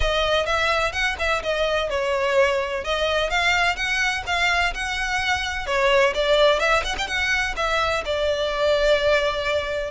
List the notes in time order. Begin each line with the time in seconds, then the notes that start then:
0.00 D#5
0.46 E5
0.92 F#5
1.18 E5
1.43 D#5
1.89 C#5
2.83 D#5
3.29 F5
3.76 F#5
4.26 F5
4.74 F#5
5.66 C#5
6.14 D5
6.59 E5
6.84 F#5
6.98 G5
7.07 F#5
7.56 E5
8.05 D5